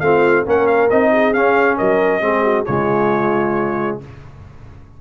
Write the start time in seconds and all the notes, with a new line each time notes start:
0.00 A3 C4 F4 F5
0.44 A#3 C#4 A#4 F#5
0.67 F5
0.90 C4 D#4 D#5
1.12 G#4
1.34 C#4 F5
1.77 F#3 A#4 D#5
2.21 G#3 C4 G#4
2.44 F#4
2.66 C#3 G#3 F4 C#5